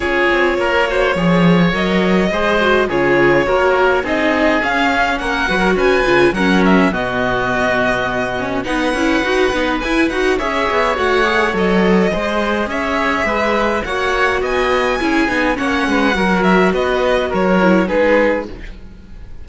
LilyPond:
<<
  \new Staff \with { instrumentName = "violin" } { \time 4/4 \tempo 4 = 104 cis''2. dis''4~ | dis''4 cis''2 dis''4 | f''4 fis''4 gis''4 fis''8 e''8 | dis''2. fis''4~ |
fis''4 gis''8 fis''8 e''4 fis''4 | dis''2 e''2 | fis''4 gis''2 fis''4~ | fis''8 e''8 dis''4 cis''4 b'4 | }
  \new Staff \with { instrumentName = "oboe" } { \time 4/4 gis'4 ais'8 c''8 cis''2 | c''4 gis'4 ais'4 gis'4~ | gis'4 ais'8 b'16 ais'16 b'4 ais'4 | fis'2. b'4~ |
b'2 cis''2~ | cis''4 c''4 cis''4 b'4 | cis''4 dis''4 gis'4 cis''8 b'8 | ais'4 b'4 ais'4 gis'4 | }
  \new Staff \with { instrumentName = "viola" } { \time 4/4 f'4. fis'8 gis'4 ais'4 | gis'8 fis'8 f'4 fis'4 dis'4 | cis'4. fis'4 f'8 cis'4 | b2~ b8 cis'8 dis'8 e'8 |
fis'8 dis'8 e'8 fis'8 gis'4 fis'8 gis'8 | a'4 gis'2. | fis'2 e'8 dis'8 cis'4 | fis'2~ fis'8 e'8 dis'4 | }
  \new Staff \with { instrumentName = "cello" } { \time 4/4 cis'8 c'8 ais4 f4 fis4 | gis4 cis4 ais4 c'4 | cis'4 ais8 fis8 cis'8 cis8 fis4 | b,2. b8 cis'8 |
dis'8 b8 e'8 dis'8 cis'8 b8 a4 | fis4 gis4 cis'4 gis4 | ais4 b4 cis'8 b8 ais8 gis8 | fis4 b4 fis4 gis4 | }
>>